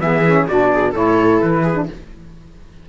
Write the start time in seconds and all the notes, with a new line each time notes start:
0.00 E3 B3 G#4 E5
0.26 C#4
0.48 B2 D4 F#4 D5
0.73 G#4
0.91 A2 E4 A4 C#5
1.42 E3 B4
1.63 G#4
1.75 D4